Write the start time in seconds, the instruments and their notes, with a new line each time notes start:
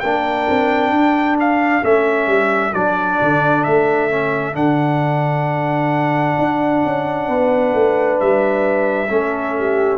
0.00 tuba A#3, trombone D4, horn A#4, trumpet G5
0.49 tuba C4
0.91 tuba D4, horn A4
1.40 trumpet F5
1.83 tuba A3, trombone C#4, trumpet E5
2.27 tuba G3
2.73 tuba F#3, trombone D4, trumpet D5
3.22 tuba D3
3.64 tuba A3, trumpet E5
4.10 trombone C#4
4.53 tuba D3, trombone D4, trumpet F#5
6.39 tuba D4
6.85 tuba C#4
7.28 tuba B3, horn B4
7.74 tuba A3
8.20 tuba G3, trumpet E5
9.09 tuba A3, trombone C#4, horn A4
9.58 horn G4